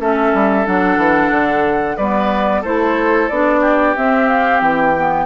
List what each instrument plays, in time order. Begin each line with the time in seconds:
0.00 bassoon A3, clarinet C#4, oboe A4, flute E5
0.34 bassoon G3
0.66 bassoon F#3, clarinet D4, flute F#5
0.98 bassoon E3
1.31 bassoon D3
1.97 bassoon G3, clarinet B3, oboe B4, flute D5
2.62 bassoon A3, clarinet E4, oboe A4, flute C5
3.29 bassoon B3, clarinet D4, flute D5
3.61 oboe G4
3.97 clarinet C4, bassoon C4, flute E5
4.28 flute F5
4.62 bassoon E3, flute G5
4.96 clarinet B3